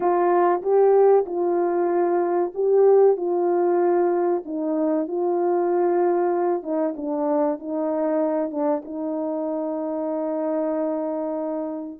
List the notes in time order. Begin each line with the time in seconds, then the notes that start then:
0.00 F4
0.61 G4
1.26 F4
2.54 G4
3.16 F4
4.45 D#4
5.07 F4
6.62 D#4
6.96 D4
7.59 D#4
8.50 D4
8.84 D#4